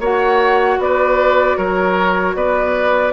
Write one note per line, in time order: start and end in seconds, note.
0.00 0.78 A#3
0.00 3.13 F#4
0.00 0.78 C#5
0.00 0.81 F#5
0.79 1.56 B3
0.79 1.57 B4
0.79 1.57 D5
1.57 2.35 F#3
1.57 2.35 A#4
1.57 2.35 C#5
2.35 3.13 B3
2.35 3.13 B4
2.35 3.13 D5